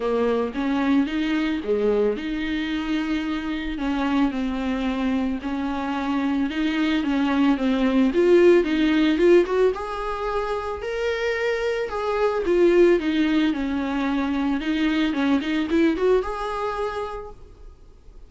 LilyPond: \new Staff \with { instrumentName = "viola" } { \time 4/4 \tempo 4 = 111 ais4 cis'4 dis'4 gis4 | dis'2. cis'4 | c'2 cis'2 | dis'4 cis'4 c'4 f'4 |
dis'4 f'8 fis'8 gis'2 | ais'2 gis'4 f'4 | dis'4 cis'2 dis'4 | cis'8 dis'8 e'8 fis'8 gis'2 | }